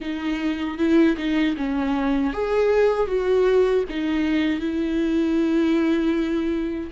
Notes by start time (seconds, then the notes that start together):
0.00 D#4
0.78 E4
1.17 D#4
1.56 C#4
2.33 G#4
3.07 F#4
3.88 D#4
4.60 E4